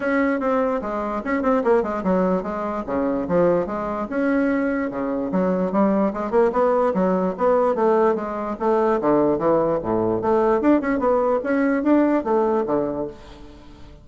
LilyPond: \new Staff \with { instrumentName = "bassoon" } { \time 4/4 \tempo 4 = 147 cis'4 c'4 gis4 cis'8 c'8 | ais8 gis8 fis4 gis4 cis4 | f4 gis4 cis'2 | cis4 fis4 g4 gis8 ais8 |
b4 fis4 b4 a4 | gis4 a4 d4 e4 | a,4 a4 d'8 cis'8 b4 | cis'4 d'4 a4 d4 | }